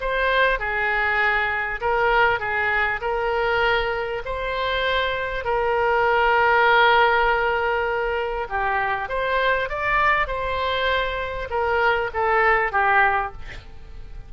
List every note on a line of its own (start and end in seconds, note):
0.00 0.59 C5
0.59 1.80 G#4
1.80 2.39 A#4
2.39 3.00 G#4
3.01 4.22 A#4
4.25 5.44 C5
5.44 8.47 A#4
8.49 9.08 G4
9.08 9.69 C5
9.69 10.27 D5
10.27 11.48 C5
11.50 12.10 A#4
12.13 12.71 A4
12.71 13.32 G4